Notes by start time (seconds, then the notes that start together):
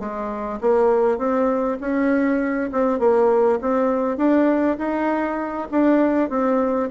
0.00 G#3
0.61 A#3
1.18 C4
1.81 C#4
2.72 C4
2.99 A#3
3.61 C4
4.18 D4
4.79 D#4
5.72 D4
6.30 C4